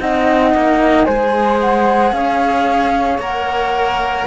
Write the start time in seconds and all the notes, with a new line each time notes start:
0.00 C4 D#4 D#5 F#5
0.55 A#3
1.04 G#3 G#4 C5 G#5
1.61 F#5
2.12 C#4 C#5 F5
3.19 A#3 A#4 F#5